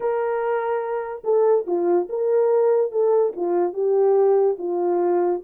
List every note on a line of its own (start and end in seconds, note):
0.00 1.22 A#4
1.24 1.66 A4
1.66 2.08 F4
2.09 2.91 A#4
2.91 3.33 A4
3.35 3.73 F4
3.73 4.56 G4
4.58 5.41 F4